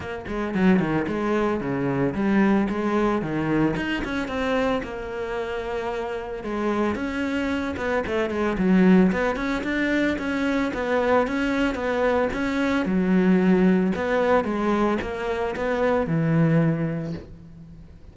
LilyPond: \new Staff \with { instrumentName = "cello" } { \time 4/4 \tempo 4 = 112 ais8 gis8 fis8 dis8 gis4 cis4 | g4 gis4 dis4 dis'8 cis'8 | c'4 ais2. | gis4 cis'4. b8 a8 gis8 |
fis4 b8 cis'8 d'4 cis'4 | b4 cis'4 b4 cis'4 | fis2 b4 gis4 | ais4 b4 e2 | }